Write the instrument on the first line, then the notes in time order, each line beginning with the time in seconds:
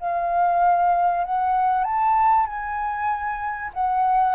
flute
0.00 F5
1.25 F#5
1.84 A5
2.47 G#5
3.74 F#5